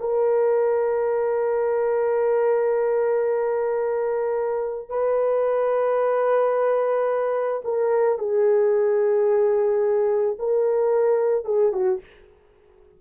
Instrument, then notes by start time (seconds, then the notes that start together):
horn
0.00 A#4
4.89 B4
7.65 A#4
8.19 G#4
10.39 A#4
11.45 G#4
11.73 F#4